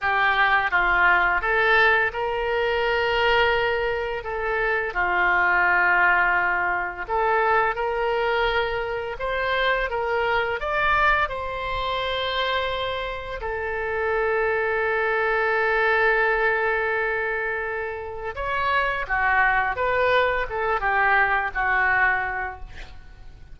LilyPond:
\new Staff \with { instrumentName = "oboe" } { \time 4/4 \tempo 4 = 85 g'4 f'4 a'4 ais'4~ | ais'2 a'4 f'4~ | f'2 a'4 ais'4~ | ais'4 c''4 ais'4 d''4 |
c''2. a'4~ | a'1~ | a'2 cis''4 fis'4 | b'4 a'8 g'4 fis'4. | }